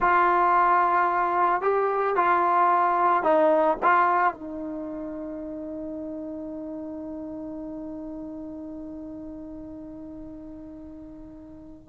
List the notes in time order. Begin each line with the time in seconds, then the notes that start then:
0.00 F4
1.61 G4
2.15 F4
3.23 D#4
3.82 F4
4.33 D#4